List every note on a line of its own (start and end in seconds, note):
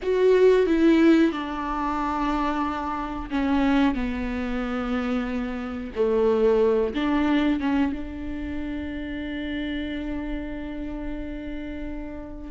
0.02 0.66 F#4
0.66 1.32 E4
1.32 3.29 D4
3.30 3.94 C#4
3.94 5.92 B3
5.95 6.94 A3
6.94 7.60 D4
7.60 7.92 C#4
7.92 12.51 D4